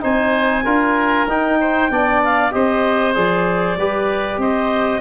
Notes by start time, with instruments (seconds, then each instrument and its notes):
0.00 tuba C4, trombone D#4, oboe C5, clarinet G#5
0.64 tuba D4, trombone F4, oboe A#4
1.26 tuba D#4, trombone D#4, clarinet G5
1.59 oboe C5
1.90 tuba B3, trombone D4, oboe D5
2.23 clarinet F5
2.50 tuba C4, trombone G4, oboe C5, clarinet D#5
3.14 tuba F3, trombone G#4, clarinet D5
3.76 tuba G3, trombone G4, oboe B4
4.37 tuba C4, oboe C5, clarinet D#5